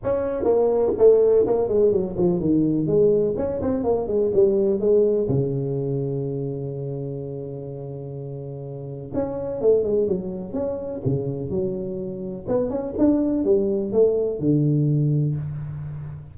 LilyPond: \new Staff \with { instrumentName = "tuba" } { \time 4/4 \tempo 4 = 125 cis'4 ais4 a4 ais8 gis8 | fis8 f8 dis4 gis4 cis'8 c'8 | ais8 gis8 g4 gis4 cis4~ | cis1~ |
cis2. cis'4 | a8 gis8 fis4 cis'4 cis4 | fis2 b8 cis'8 d'4 | g4 a4 d2 | }